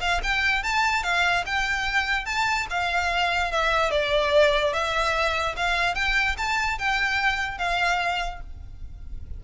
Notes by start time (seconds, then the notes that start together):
0.00 F5
0.23 G5
0.63 A5
1.03 F5
1.46 G5
2.25 A5
2.70 F5
3.52 E5
3.91 D5
4.73 E5
5.56 F5
5.95 G5
6.37 A5
6.78 G5
7.58 F5